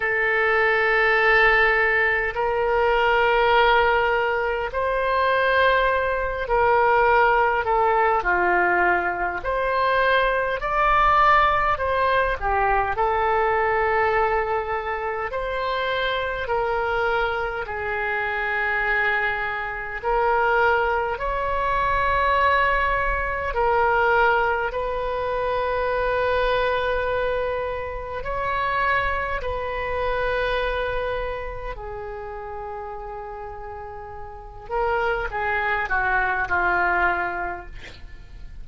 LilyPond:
\new Staff \with { instrumentName = "oboe" } { \time 4/4 \tempo 4 = 51 a'2 ais'2 | c''4. ais'4 a'8 f'4 | c''4 d''4 c''8 g'8 a'4~ | a'4 c''4 ais'4 gis'4~ |
gis'4 ais'4 cis''2 | ais'4 b'2. | cis''4 b'2 gis'4~ | gis'4. ais'8 gis'8 fis'8 f'4 | }